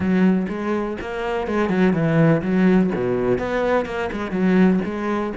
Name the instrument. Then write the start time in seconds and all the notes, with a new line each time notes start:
cello
0.00 F#3
0.48 G#3
1.01 A#3
1.47 G#3
1.69 F#3
1.93 E3
2.41 F#3
2.95 B2
3.38 B3
3.85 A#3
4.12 G#3
4.31 F#3
4.84 G#3